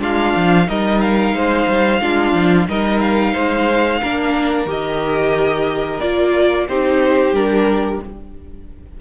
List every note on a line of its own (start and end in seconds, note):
0.00 0.35 G#3
0.00 0.67 D4
0.00 0.68 F4
0.00 0.69 F5
0.36 0.69 F3
0.67 1.33 G3
0.67 2.01 D#4
0.67 1.36 A#4
0.67 1.01 D#5
1.01 2.68 F5
1.33 1.67 G#3
1.33 2.02 C5
1.68 2.01 G3
2.02 2.34 G#3
2.02 2.68 D4
2.02 2.68 F4
2.34 2.67 F3
2.68 3.35 G3
2.68 4.02 D#4
2.68 3.34 A#4
2.68 3.01 D#5
3.01 4.68 F5
3.34 4.02 G#3
3.34 4.00 C5
4.01 4.66 A#3
4.01 4.67 D4
4.01 6.68 A#4
4.66 6.00 D#3
4.66 6.01 G4
4.66 6.01 D#5
6.01 6.69 A#3
6.01 6.69 F4
6.01 6.67 D5
6.68 7.33 C4
6.68 7.35 D#4
6.68 8.01 G4
6.68 7.35 C5
7.33 7.99 G3
7.33 8.02 D4
7.33 8.01 A#4